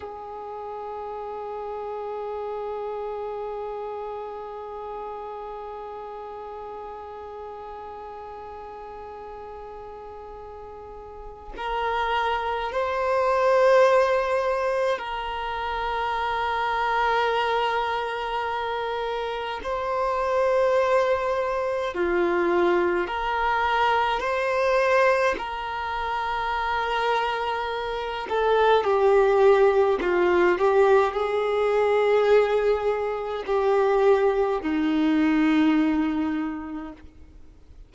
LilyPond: \new Staff \with { instrumentName = "violin" } { \time 4/4 \tempo 4 = 52 gis'1~ | gis'1~ | gis'2 ais'4 c''4~ | c''4 ais'2.~ |
ais'4 c''2 f'4 | ais'4 c''4 ais'2~ | ais'8 a'8 g'4 f'8 g'8 gis'4~ | gis'4 g'4 dis'2 | }